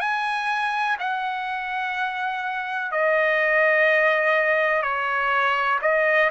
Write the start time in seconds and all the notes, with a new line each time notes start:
0.00 G#5
0.99 F#5
2.92 D#5
4.83 C#5
5.82 D#5